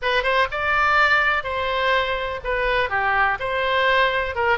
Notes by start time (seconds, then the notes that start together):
0.02 B4
0.23 C5
0.51 D5
1.43 C5
2.43 B4
2.89 G4
3.39 C5
4.35 A#4